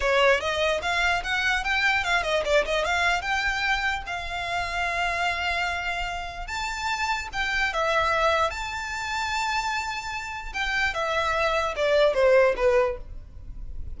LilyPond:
\new Staff \with { instrumentName = "violin" } { \time 4/4 \tempo 4 = 148 cis''4 dis''4 f''4 fis''4 | g''4 f''8 dis''8 d''8 dis''8 f''4 | g''2 f''2~ | f''1 |
a''2 g''4 e''4~ | e''4 a''2.~ | a''2 g''4 e''4~ | e''4 d''4 c''4 b'4 | }